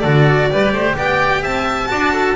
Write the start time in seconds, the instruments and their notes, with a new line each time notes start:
0.00 double bass D3, cello F#4, oboe A4, violin D5
0.51 double bass G3, cello G4, oboe B4
0.73 double bass A3, oboe C5
0.97 double bass B3, oboe D5, violin G5
1.42 double bass C4, oboe E5, violin A5
1.89 double bass D4, cello F#4, oboe D5
2.13 oboe A4